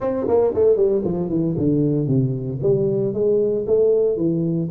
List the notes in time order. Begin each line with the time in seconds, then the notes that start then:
0.00 C4
0.27 A#3
0.54 A3
0.76 G3
1.04 F3
1.29 E3
1.57 D3
2.07 C3
2.62 G3
3.13 G#3
3.66 A3
4.16 E3